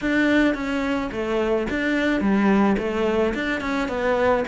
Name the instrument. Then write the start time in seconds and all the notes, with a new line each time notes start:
cello
0.01 D4
0.54 C#4
1.11 A3
1.69 D4
2.20 G3
2.78 A3
3.34 D4
3.61 C#4
3.88 B3